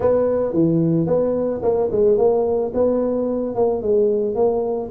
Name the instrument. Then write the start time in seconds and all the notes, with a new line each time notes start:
tuba
0.00 B3
0.53 E3
1.06 B3
1.62 A#3
1.91 G#3
2.17 A#3
2.74 B3
3.55 A#3
3.82 G#3
4.35 A#3